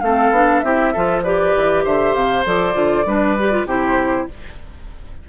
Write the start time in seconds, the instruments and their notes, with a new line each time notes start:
0.00 bassoon A3, clarinet C4, oboe A4, flute F5
0.31 bassoon B3, clarinet D4
0.60 bassoon C4, clarinet E4, oboe G4, flute E5
0.93 bassoon F3, clarinet F4, oboe A4
1.23 clarinet G4, oboe B4, flute D5
1.56 bassoon E3
1.84 bassoon D3, oboe C5, flute E5
2.14 bassoon C3, flute F5
2.46 bassoon F3, clarinet A4, flute D5
2.73 bassoon D3, clarinet F4
3.06 bassoon G3, clarinet D4, oboe B4
3.40 clarinet G4
3.52 clarinet F4
3.66 bassoon C3, clarinet E4, oboe G4, flute C5